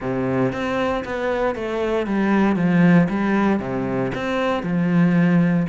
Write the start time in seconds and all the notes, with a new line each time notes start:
0.00 C3
0.52 C4
1.05 B3
1.55 A3
2.06 G3
2.56 F3
3.09 G3
3.59 C3
4.14 C4
4.63 F3